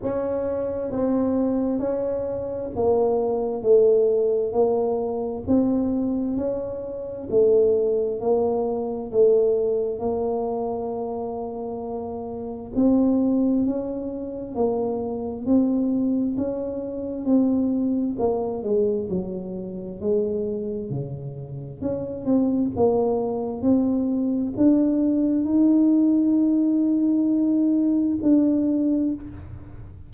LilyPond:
\new Staff \with { instrumentName = "tuba" } { \time 4/4 \tempo 4 = 66 cis'4 c'4 cis'4 ais4 | a4 ais4 c'4 cis'4 | a4 ais4 a4 ais4~ | ais2 c'4 cis'4 |
ais4 c'4 cis'4 c'4 | ais8 gis8 fis4 gis4 cis4 | cis'8 c'8 ais4 c'4 d'4 | dis'2. d'4 | }